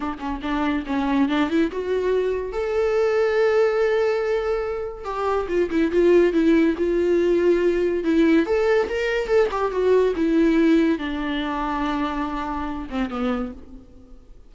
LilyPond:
\new Staff \with { instrumentName = "viola" } { \time 4/4 \tempo 4 = 142 d'8 cis'8 d'4 cis'4 d'8 e'8 | fis'2 a'2~ | a'1 | g'4 f'8 e'8 f'4 e'4 |
f'2. e'4 | a'4 ais'4 a'8 g'8 fis'4 | e'2 d'2~ | d'2~ d'8 c'8 b4 | }